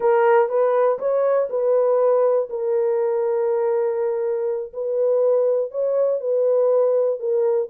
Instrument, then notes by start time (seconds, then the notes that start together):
horn
0.00 A#4
0.48 B4
0.98 C#5
1.49 B4
2.49 A#4
4.73 B4
5.71 C#5
6.20 B4
7.19 A#4